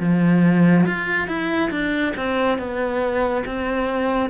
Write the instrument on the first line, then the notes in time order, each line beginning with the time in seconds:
cello
0.00 F3
0.87 F4
1.28 E4
1.71 D4
2.17 C4
2.59 B3
3.46 C4